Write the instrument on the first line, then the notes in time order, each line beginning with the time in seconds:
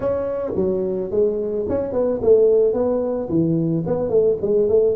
tuba
0.00 C#4
0.55 F#3
1.10 G#3
1.68 C#4
1.92 B3
2.22 A3
2.73 B3
3.29 E3
3.86 B3
4.09 A3
4.41 G#3
4.68 A3